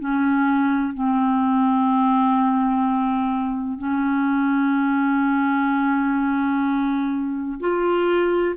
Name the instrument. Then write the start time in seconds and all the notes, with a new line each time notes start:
clarinet
0.00 C#4
0.94 C4
3.79 C#4
7.60 F4